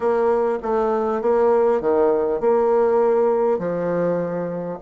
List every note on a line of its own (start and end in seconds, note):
0.00 0.58 A#3
0.62 1.21 A3
1.21 1.80 A#3
1.80 2.40 D#3
2.40 3.58 A#3
3.58 4.78 F3